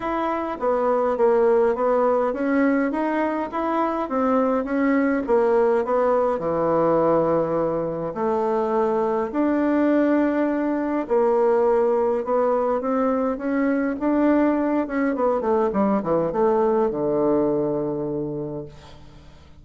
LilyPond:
\new Staff \with { instrumentName = "bassoon" } { \time 4/4 \tempo 4 = 103 e'4 b4 ais4 b4 | cis'4 dis'4 e'4 c'4 | cis'4 ais4 b4 e4~ | e2 a2 |
d'2. ais4~ | ais4 b4 c'4 cis'4 | d'4. cis'8 b8 a8 g8 e8 | a4 d2. | }